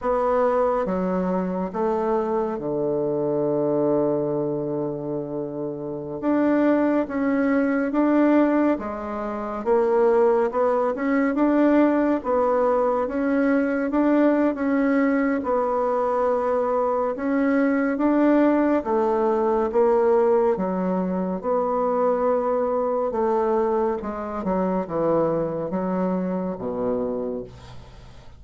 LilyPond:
\new Staff \with { instrumentName = "bassoon" } { \time 4/4 \tempo 4 = 70 b4 fis4 a4 d4~ | d2.~ d16 d'8.~ | d'16 cis'4 d'4 gis4 ais8.~ | ais16 b8 cis'8 d'4 b4 cis'8.~ |
cis'16 d'8. cis'4 b2 | cis'4 d'4 a4 ais4 | fis4 b2 a4 | gis8 fis8 e4 fis4 b,4 | }